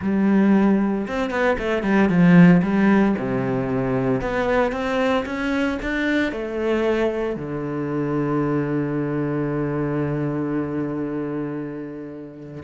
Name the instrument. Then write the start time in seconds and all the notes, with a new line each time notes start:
cello
0.01 G3
1.07 C4
1.30 B3
1.58 A3
1.83 G3
2.09 F3
2.62 G3
3.18 C3
4.21 B3
4.72 C4
5.25 C#4
5.82 D4
6.32 A3
7.35 D3